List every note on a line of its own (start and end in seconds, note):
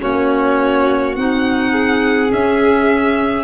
0.00 1.16 A#3
0.00 1.15 C#4
0.00 1.72 F#4
0.00 1.16 C#5
1.16 2.32 C4
1.16 2.29 D#4
1.16 2.32 F#5
1.72 3.45 G#4
2.29 3.44 C#4
2.29 3.45 C#4
2.29 3.45 E5